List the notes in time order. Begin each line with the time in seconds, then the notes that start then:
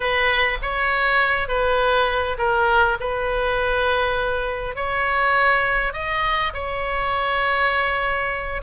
0.00 B4
0.62 C#5
1.48 B4
2.38 A#4
3.00 B4
4.75 C#5
5.93 D#5
6.53 C#5